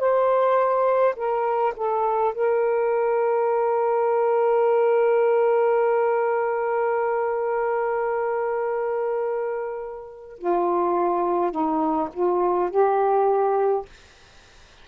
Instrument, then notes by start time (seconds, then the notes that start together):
saxophone
0.00 C5
1.16 A#4
1.77 A4
2.34 A#4
10.39 F4
11.52 D#4
12.14 F4
12.71 G4